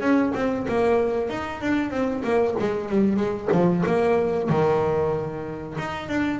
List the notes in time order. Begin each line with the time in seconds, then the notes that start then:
0.00 C#4
0.35 C4
0.68 A#3
1.29 D#4
1.61 D4
1.90 C4
2.23 A#3
2.59 G#3
2.89 G3
3.16 G#3
3.52 F3
3.86 A#3
4.49 D#3
5.78 D#4
6.08 D4